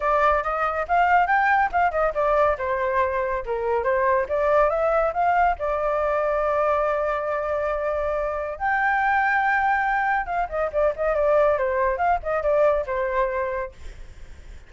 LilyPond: \new Staff \with { instrumentName = "flute" } { \time 4/4 \tempo 4 = 140 d''4 dis''4 f''4 g''4 | f''8 dis''8 d''4 c''2 | ais'4 c''4 d''4 e''4 | f''4 d''2.~ |
d''1 | g''1 | f''8 dis''8 d''8 dis''8 d''4 c''4 | f''8 dis''8 d''4 c''2 | }